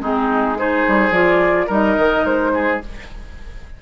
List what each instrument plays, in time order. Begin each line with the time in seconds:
0.00 bassoon G#3, clarinet C4, oboe D#4, flute G#4
0.55 clarinet D#4, oboe G#4, flute C5
0.88 bassoon G3
1.10 bassoon F3, clarinet F4, flute D5
1.67 bassoon G3, clarinet D#4, oboe A#4, flute D#5
1.97 bassoon D#3
2.25 bassoon G#3, flute C5
2.54 oboe G#4